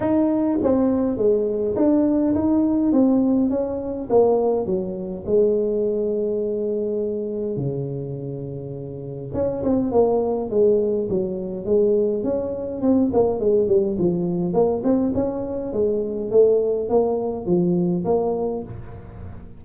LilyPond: \new Staff \with { instrumentName = "tuba" } { \time 4/4 \tempo 4 = 103 dis'4 c'4 gis4 d'4 | dis'4 c'4 cis'4 ais4 | fis4 gis2.~ | gis4 cis2. |
cis'8 c'8 ais4 gis4 fis4 | gis4 cis'4 c'8 ais8 gis8 g8 | f4 ais8 c'8 cis'4 gis4 | a4 ais4 f4 ais4 | }